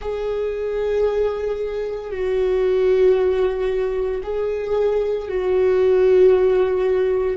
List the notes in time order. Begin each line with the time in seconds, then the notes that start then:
0.01 G#4
2.11 F#4
4.23 G#4
5.28 F#4